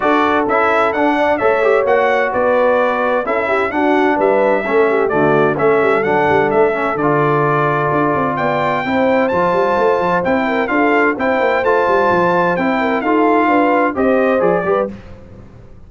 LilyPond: <<
  \new Staff \with { instrumentName = "trumpet" } { \time 4/4 \tempo 4 = 129 d''4 e''4 fis''4 e''4 | fis''4 d''2 e''4 | fis''4 e''2 d''4 | e''4 fis''4 e''4 d''4~ |
d''2 g''2 | a''2 g''4 f''4 | g''4 a''2 g''4 | f''2 dis''4 d''4 | }
  \new Staff \with { instrumentName = "horn" } { \time 4/4 a'2~ a'8 d''8 cis''4~ | cis''4 b'2 a'8 g'8 | fis'4 b'4 a'8 g'8 fis'4 | a'1~ |
a'2 d''4 c''4~ | c''2~ c''8 ais'8 a'4 | c''2.~ c''8 ais'8 | a'4 b'4 c''4. b'8 | }
  \new Staff \with { instrumentName = "trombone" } { \time 4/4 fis'4 e'4 d'4 a'8 g'8 | fis'2. e'4 | d'2 cis'4 a4 | cis'4 d'4. cis'8 f'4~ |
f'2. e'4 | f'2 e'4 f'4 | e'4 f'2 e'4 | f'2 g'4 gis'8 g'8 | }
  \new Staff \with { instrumentName = "tuba" } { \time 4/4 d'4 cis'4 d'4 a4 | ais4 b2 cis'4 | d'4 g4 a4 d4 | a8 g8 fis8 g8 a4 d4~ |
d4 d'8 c'8 b4 c'4 | f8 g8 a8 f8 c'4 d'4 | c'8 ais8 a8 g8 f4 c'4 | dis'4 d'4 c'4 f8 g8 | }
>>